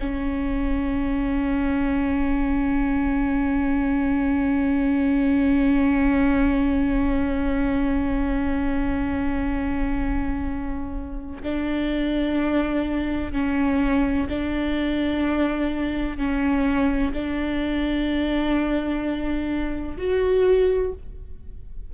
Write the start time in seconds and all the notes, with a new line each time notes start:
0.00 C#4
11.43 D4
13.33 C#4
14.29 D4
16.18 C#4
17.13 D4
19.98 F#4